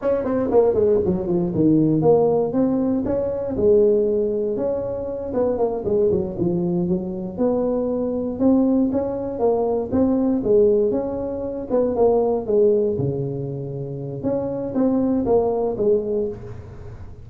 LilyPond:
\new Staff \with { instrumentName = "tuba" } { \time 4/4 \tempo 4 = 118 cis'8 c'8 ais8 gis8 fis8 f8 dis4 | ais4 c'4 cis'4 gis4~ | gis4 cis'4. b8 ais8 gis8 | fis8 f4 fis4 b4.~ |
b8 c'4 cis'4 ais4 c'8~ | c'8 gis4 cis'4. b8 ais8~ | ais8 gis4 cis2~ cis8 | cis'4 c'4 ais4 gis4 | }